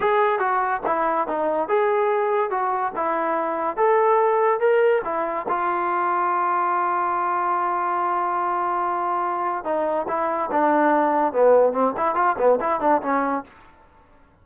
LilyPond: \new Staff \with { instrumentName = "trombone" } { \time 4/4 \tempo 4 = 143 gis'4 fis'4 e'4 dis'4 | gis'2 fis'4 e'4~ | e'4 a'2 ais'4 | e'4 f'2.~ |
f'1~ | f'2. dis'4 | e'4 d'2 b4 | c'8 e'8 f'8 b8 e'8 d'8 cis'4 | }